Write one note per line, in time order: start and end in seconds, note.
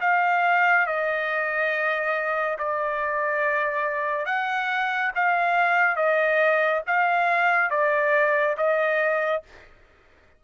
0.00 0.86 F5
0.86 2.57 D#5
2.58 4.25 D5
4.25 5.11 F#5
5.15 5.96 F5
5.96 6.81 D#5
6.86 7.70 F5
7.70 8.56 D5
8.57 9.42 D#5